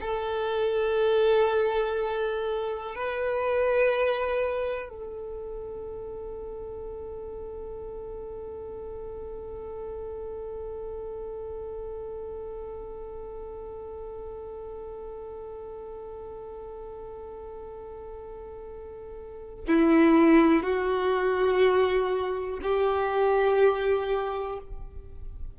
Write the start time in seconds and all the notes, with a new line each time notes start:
0.00 A4
2.95 B4
4.89 A4
19.67 E4
20.62 F#4
22.62 G4